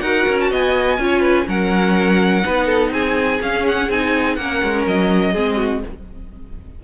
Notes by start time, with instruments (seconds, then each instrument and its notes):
0.00 cello D#4, viola F#4, violin A#4 F#5
0.28 cello C#4
0.40 violin A5
0.50 cello B3, violin D#5 G#5
0.97 cello C#4, viola F4, violin C#5
1.20 violin B4
1.46 cello F#3, viola C#4, violin A#4 F#5
2.42 cello B3, viola D#4, violin B4
2.66 violin A4
2.90 cello C4, violin G#4 G#5
3.41 viola C#4, cello C#4, violin F5
3.67 violin F#5
3.89 cello C4, viola D#4, violin G#5
4.35 cello A#3, viola C#4, violin A#4 F#5
4.63 cello G#3
4.86 cello F#3, violin D#5
5.32 cello G#3, viola C4, violin G#4
5.56 violin F#4